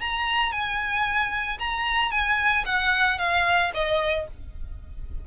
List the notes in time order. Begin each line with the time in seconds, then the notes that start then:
0.00 A#5
0.52 G#5
1.59 A#5
2.11 G#5
2.65 F#5
3.18 F5
3.74 D#5